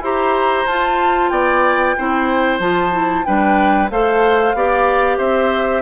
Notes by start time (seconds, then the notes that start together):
0.00 E4 G4 C5 A#5
0.65 F4 A5
1.29 B3 D5 G5
1.97 C4 E4 C5
2.59 F3 F4 A5
2.92 E4
3.24 G3 D4 B4 G5
3.90 A3 A4 C5 F5
4.54 B3 G4 D5
5.18 C4 C5 E5